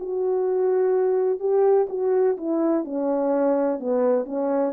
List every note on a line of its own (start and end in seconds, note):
0.00 1.39 F#4
1.39 1.87 G4
1.89 2.37 F#4
2.37 2.84 E4
2.84 3.79 C#4
3.79 4.25 B3
4.25 4.72 C#4